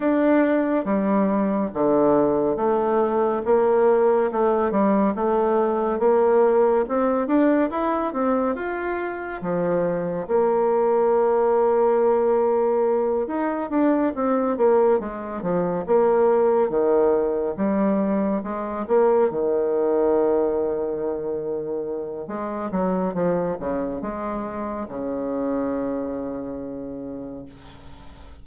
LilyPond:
\new Staff \with { instrumentName = "bassoon" } { \time 4/4 \tempo 4 = 70 d'4 g4 d4 a4 | ais4 a8 g8 a4 ais4 | c'8 d'8 e'8 c'8 f'4 f4 | ais2.~ ais8 dis'8 |
d'8 c'8 ais8 gis8 f8 ais4 dis8~ | dis8 g4 gis8 ais8 dis4.~ | dis2 gis8 fis8 f8 cis8 | gis4 cis2. | }